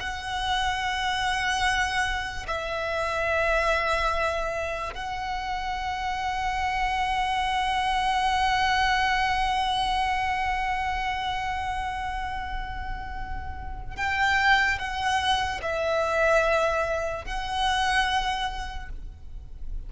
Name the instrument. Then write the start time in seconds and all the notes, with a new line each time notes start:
violin
0.00 F#5
2.48 E5
4.95 F#5
13.97 G5
14.79 F#5
15.63 E5
17.26 F#5